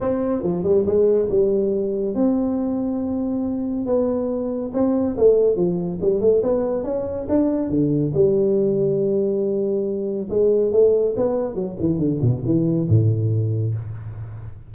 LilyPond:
\new Staff \with { instrumentName = "tuba" } { \time 4/4 \tempo 4 = 140 c'4 f8 g8 gis4 g4~ | g4 c'2.~ | c'4 b2 c'4 | a4 f4 g8 a8 b4 |
cis'4 d'4 d4 g4~ | g1 | gis4 a4 b4 fis8 e8 | d8 b,8 e4 a,2 | }